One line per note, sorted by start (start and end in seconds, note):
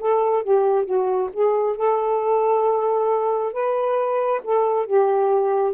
0.00 0.43 A4
0.43 0.85 G4
0.85 1.30 F#4
1.34 1.76 G#4
1.76 3.53 A4
3.53 4.41 B4
4.44 4.86 A4
4.86 5.74 G4